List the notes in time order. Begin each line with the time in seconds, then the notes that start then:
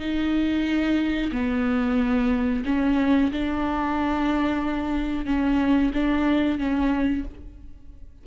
0.00 D#4
1.32 B3
2.66 C#4
3.32 D4
5.26 C#4
5.94 D4
6.59 C#4